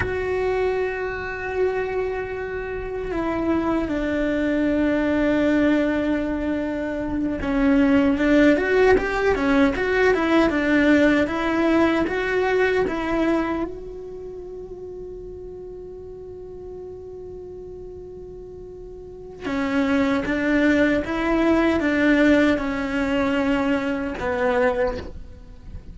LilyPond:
\new Staff \with { instrumentName = "cello" } { \time 4/4 \tempo 4 = 77 fis'1 | e'4 d'2.~ | d'4. cis'4 d'8 fis'8 g'8 | cis'8 fis'8 e'8 d'4 e'4 fis'8~ |
fis'8 e'4 fis'2~ fis'8~ | fis'1~ | fis'4 cis'4 d'4 e'4 | d'4 cis'2 b4 | }